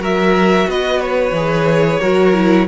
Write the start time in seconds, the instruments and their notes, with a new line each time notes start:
0.00 cello F#3, viola F#4, violin A#4 E5
0.67 cello B3, violin B4 D#5
1.01 violin C#5
1.32 cello E3, viola G#4
2.01 cello F#3, viola F#4, violin A#4
2.34 viola E4